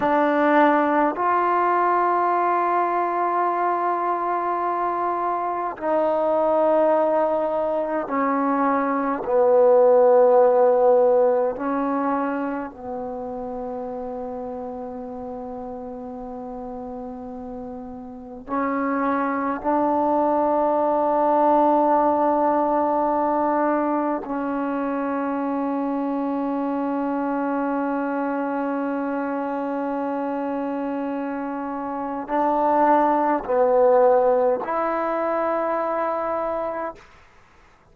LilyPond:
\new Staff \with { instrumentName = "trombone" } { \time 4/4 \tempo 4 = 52 d'4 f'2.~ | f'4 dis'2 cis'4 | b2 cis'4 b4~ | b1 |
cis'4 d'2.~ | d'4 cis'2.~ | cis'1 | d'4 b4 e'2 | }